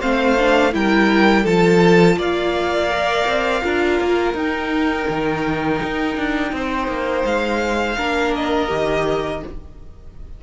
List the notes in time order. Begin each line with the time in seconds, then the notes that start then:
0.00 A3 C4 C5 F5
0.39 D4
0.72 G3 E4 A#4 G5
1.43 F3 F4 A4 A5
2.16 A#3 D5 F5
2.90 A#4
3.26 C4
3.63 D4 F4 A#4
4.01 A#3
4.34 D#4 G5
5.09 D#3
5.83 D#4
6.17 D4
6.53 C4 C5
6.88 A#3
7.25 G#3 F5
7.97 A#3 D4 A#4
8.35 D#5
8.68 D#3 G4